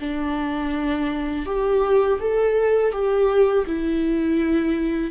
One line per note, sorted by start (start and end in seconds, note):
0.00 1.46 D4
1.46 2.20 G4
2.20 2.92 A4
2.92 3.66 G4
3.67 5.12 E4